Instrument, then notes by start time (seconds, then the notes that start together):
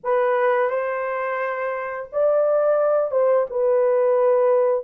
horn
0.03 B4
0.69 C5
2.12 D5
3.11 C5
3.49 B4